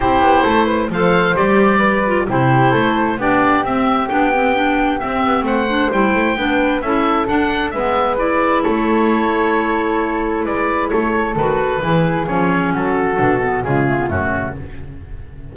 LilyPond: <<
  \new Staff \with { instrumentName = "oboe" } { \time 4/4 \tempo 4 = 132 c''2 f''4 d''4~ | d''4 c''2 d''4 | e''4 g''2 e''4 | fis''4 g''2 e''4 |
fis''4 e''4 d''4 cis''4~ | cis''2. d''4 | cis''4 b'2 cis''4 | a'2 gis'4 fis'4 | }
  \new Staff \with { instrumentName = "flute" } { \time 4/4 g'4 a'8 b'8 c''2 | b'4 g'4 a'4 g'4~ | g'1 | c''2 b'4 a'4~ |
a'4 b'2 a'4~ | a'2. b'4 | a'2 gis'2 | fis'2 f'4 cis'4 | }
  \new Staff \with { instrumentName = "clarinet" } { \time 4/4 e'2 a'4 g'4~ | g'8 f'8 e'2 d'4 | c'4 d'8 c'8 d'4 c'4~ | c'8 d'8 e'4 d'4 e'4 |
d'4 b4 e'2~ | e'1~ | e'4 fis'4 e'4 cis'4~ | cis'4 d'8 b8 gis8 a16 b16 a4 | }
  \new Staff \with { instrumentName = "double bass" } { \time 4/4 c'8 b8 a4 f4 g4~ | g4 c4 a4 b4 | c'4 b2 c'8 b8 | a4 g8 a8 b4 cis'4 |
d'4 gis2 a4~ | a2. gis4 | a4 dis4 e4 f4 | fis4 b,4 cis4 fis,4 | }
>>